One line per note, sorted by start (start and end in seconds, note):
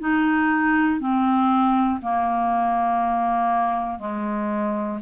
0.00 1.00 D#4
1.00 2.00 C4
2.02 3.99 A#3
3.99 4.99 G#3